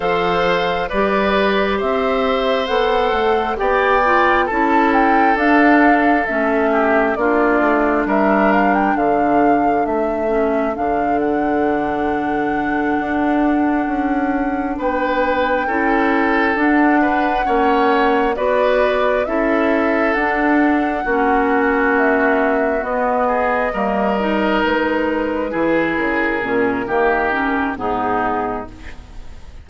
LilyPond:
<<
  \new Staff \with { instrumentName = "flute" } { \time 4/4 \tempo 4 = 67 f''4 d''4 e''4 fis''4 | g''4 a''8 g''8 f''4 e''4 | d''4 e''8 f''16 g''16 f''4 e''4 | f''8 fis''2.~ fis''8~ |
fis''8 g''2 fis''4.~ | fis''8 d''4 e''4 fis''4.~ | fis''8 e''4 dis''2 b'8~ | b'4 ais'2 gis'4 | }
  \new Staff \with { instrumentName = "oboe" } { \time 4/4 c''4 b'4 c''2 | d''4 a'2~ a'8 g'8 | f'4 ais'4 a'2~ | a'1~ |
a'8 b'4 a'4. b'8 cis''8~ | cis''8 b'4 a'2 fis'8~ | fis'2 gis'8 ais'4.~ | ais'8 gis'4. g'4 dis'4 | }
  \new Staff \with { instrumentName = "clarinet" } { \time 4/4 a'4 g'2 a'4 | g'8 f'8 e'4 d'4 cis'4 | d'2.~ d'8 cis'8 | d'1~ |
d'4. e'4 d'4 cis'8~ | cis'8 fis'4 e'4 d'4 cis'8~ | cis'4. b4 ais8 dis'4~ | dis'8 e'4 cis'8 ais8 cis'8 b4 | }
  \new Staff \with { instrumentName = "bassoon" } { \time 4/4 f4 g4 c'4 b8 a8 | b4 cis'4 d'4 a4 | ais8 a8 g4 d4 a4 | d2~ d8 d'4 cis'8~ |
cis'8 b4 cis'4 d'4 ais8~ | ais8 b4 cis'4 d'4 ais8~ | ais4. b4 g4 gis8~ | gis8 e8 cis8 ais,8 dis4 gis,4 | }
>>